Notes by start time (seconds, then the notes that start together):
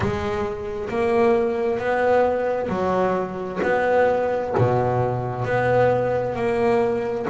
0.00 G#3
0.89 A#3
1.79 B3
2.69 F#3
3.62 B3
4.57 B2
5.44 B3
6.35 A#3